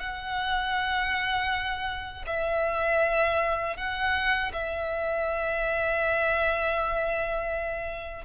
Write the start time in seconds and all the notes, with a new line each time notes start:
0.00 F#5
2.26 E5
3.77 F#5
4.53 E5